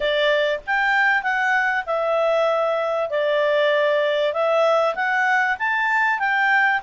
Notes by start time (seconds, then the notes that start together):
0.00 D5
0.66 G5
1.22 F#5
1.86 E5
3.10 D5
4.33 E5
4.95 F#5
5.58 A5
6.19 G5